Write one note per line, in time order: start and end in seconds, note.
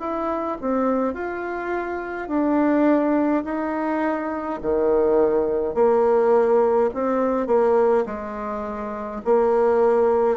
0.00 0.58 E4
0.61 1.14 C4
1.14 2.28 F4
2.28 3.44 D4
3.45 4.60 D#4
4.62 5.75 D#3
5.75 6.90 A#3
6.94 7.47 C4
7.47 8.05 A#3
8.06 9.22 G#3
9.25 10.37 A#3